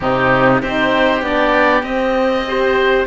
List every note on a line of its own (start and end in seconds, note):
0.00 0.62 C3
0.00 0.62 C4
0.00 0.61 D#4
0.00 0.61 G4
0.61 1.21 C4
0.61 1.21 D#4
0.61 2.45 G4
0.61 1.24 C5
1.21 1.82 B3
1.21 1.82 D4
1.21 1.83 D5
1.82 2.43 C4
1.82 3.05 C4
1.82 3.05 D#5
2.47 3.06 G4
2.47 3.06 C5